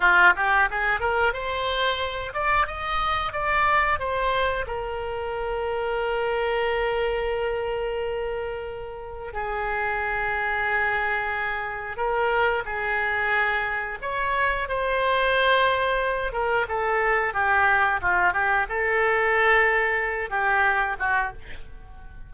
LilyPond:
\new Staff \with { instrumentName = "oboe" } { \time 4/4 \tempo 4 = 90 f'8 g'8 gis'8 ais'8 c''4. d''8 | dis''4 d''4 c''4 ais'4~ | ais'1~ | ais'2 gis'2~ |
gis'2 ais'4 gis'4~ | gis'4 cis''4 c''2~ | c''8 ais'8 a'4 g'4 f'8 g'8 | a'2~ a'8 g'4 fis'8 | }